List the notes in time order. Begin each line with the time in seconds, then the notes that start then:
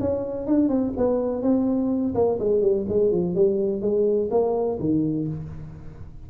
0.00 C#4
0.46 D4
0.69 C4
0.97 B3
1.42 C4
2.14 A#3
2.39 G#3
2.61 G3
2.88 G#3
3.11 F3
3.35 G3
3.81 G#3
4.30 A#3
4.79 D#3